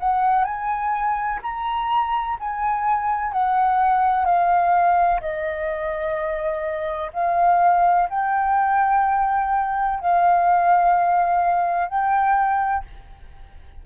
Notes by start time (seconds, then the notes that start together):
0.00 F#5
0.45 G#5
1.43 A#5
2.40 G#5
3.32 F#5
4.26 F5
5.21 D#5
7.14 F5
8.10 G5
10.00 F5
11.89 G5